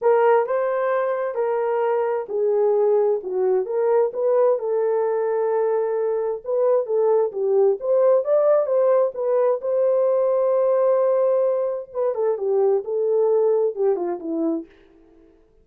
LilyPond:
\new Staff \with { instrumentName = "horn" } { \time 4/4 \tempo 4 = 131 ais'4 c''2 ais'4~ | ais'4 gis'2 fis'4 | ais'4 b'4 a'2~ | a'2 b'4 a'4 |
g'4 c''4 d''4 c''4 | b'4 c''2.~ | c''2 b'8 a'8 g'4 | a'2 g'8 f'8 e'4 | }